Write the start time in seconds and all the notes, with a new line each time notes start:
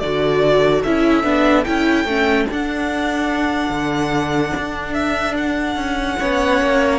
0.00 D3 F#4 A4 D5
0.84 C#4 E4 E5
1.23 B3 D4
1.65 C#4 E4 G5
2.05 A3 C#4
2.51 D4 F#5
3.70 D3
4.58 D4
4.94 E5
5.37 F#5
5.76 C#4
6.19 B3 C#4 C#5
6.61 A#3